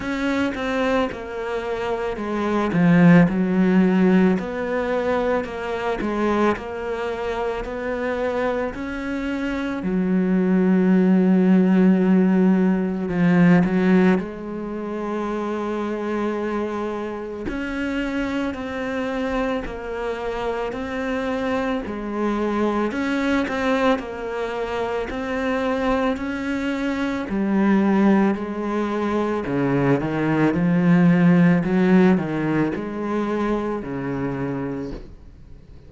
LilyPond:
\new Staff \with { instrumentName = "cello" } { \time 4/4 \tempo 4 = 55 cis'8 c'8 ais4 gis8 f8 fis4 | b4 ais8 gis8 ais4 b4 | cis'4 fis2. | f8 fis8 gis2. |
cis'4 c'4 ais4 c'4 | gis4 cis'8 c'8 ais4 c'4 | cis'4 g4 gis4 cis8 dis8 | f4 fis8 dis8 gis4 cis4 | }